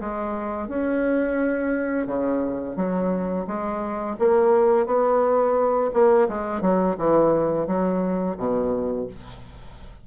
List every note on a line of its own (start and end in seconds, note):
0.00 0.68 G#3
0.68 2.06 C#4
2.06 2.76 C#3
2.76 3.46 F#3
3.47 4.16 G#3
4.19 4.86 A#3
4.86 5.90 B3
5.93 6.28 A#3
6.29 6.61 G#3
6.61 6.96 F#3
6.97 7.66 E3
7.66 8.36 F#3
8.37 9.07 B2